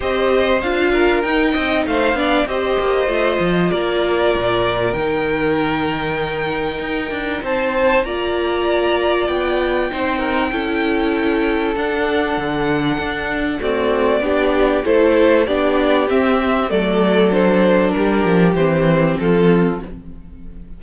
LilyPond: <<
  \new Staff \with { instrumentName = "violin" } { \time 4/4 \tempo 4 = 97 dis''4 f''4 g''4 f''4 | dis''2 d''2 | g''1 | a''4 ais''2 g''4~ |
g''2. fis''4~ | fis''2 d''2 | c''4 d''4 e''4 d''4 | c''4 ais'4 c''4 a'4 | }
  \new Staff \with { instrumentName = "violin" } { \time 4/4 c''4. ais'4 dis''8 c''8 d''8 | c''2 ais'2~ | ais'1 | c''4 d''2. |
c''8 ais'8 a'2.~ | a'2 fis'4 g'4 | a'4 g'2 a'4~ | a'4 g'2 f'4 | }
  \new Staff \with { instrumentName = "viola" } { \time 4/4 g'4 f'4 dis'4. d'8 | g'4 f'2. | dis'1~ | dis'4 f'2. |
dis'4 e'2 d'4~ | d'2 a4 d'4 | e'4 d'4 c'4 a4 | d'2 c'2 | }
  \new Staff \with { instrumentName = "cello" } { \time 4/4 c'4 d'4 dis'8 c'8 a8 b8 | c'8 ais8 a8 f8 ais4 ais,4 | dis2. dis'8 d'8 | c'4 ais2 b4 |
c'4 cis'2 d'4 | d4 d'4 c'4 b4 | a4 b4 c'4 fis4~ | fis4 g8 f8 e4 f4 | }
>>